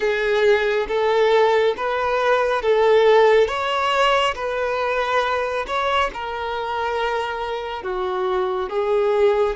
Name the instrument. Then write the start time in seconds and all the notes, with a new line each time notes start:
violin
0.00 G#4
0.87 A4
1.76 B4
2.62 A4
3.47 C#5
4.35 B4
5.67 C#5
6.13 A#4
7.83 F#4
8.70 G#4